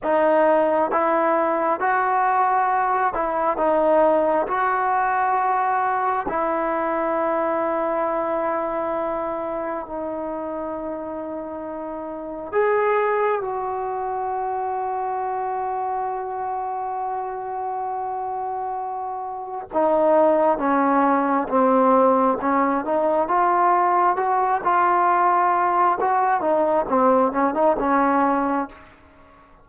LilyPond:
\new Staff \with { instrumentName = "trombone" } { \time 4/4 \tempo 4 = 67 dis'4 e'4 fis'4. e'8 | dis'4 fis'2 e'4~ | e'2. dis'4~ | dis'2 gis'4 fis'4~ |
fis'1~ | fis'2 dis'4 cis'4 | c'4 cis'8 dis'8 f'4 fis'8 f'8~ | f'4 fis'8 dis'8 c'8 cis'16 dis'16 cis'4 | }